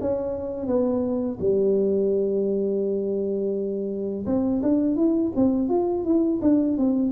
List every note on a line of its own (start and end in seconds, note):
0.00 0.66 C#4
0.66 1.38 B3
1.39 4.25 G3
4.25 4.61 C4
4.62 4.96 D4
4.96 5.31 E4
5.35 5.68 C4
5.68 6.04 F4
6.04 6.40 E4
6.41 6.77 D4
6.77 7.12 C4